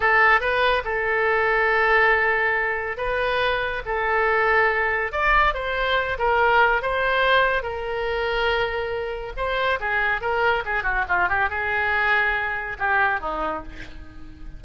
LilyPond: \new Staff \with { instrumentName = "oboe" } { \time 4/4 \tempo 4 = 141 a'4 b'4 a'2~ | a'2. b'4~ | b'4 a'2. | d''4 c''4. ais'4. |
c''2 ais'2~ | ais'2 c''4 gis'4 | ais'4 gis'8 fis'8 f'8 g'8 gis'4~ | gis'2 g'4 dis'4 | }